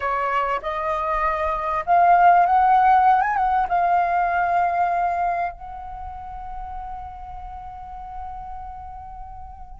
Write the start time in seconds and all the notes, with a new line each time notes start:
0.00 C#5
0.62 D#5
1.86 F5
2.45 F#5
3.21 G#5
3.36 F#5
3.68 F5
5.52 F#5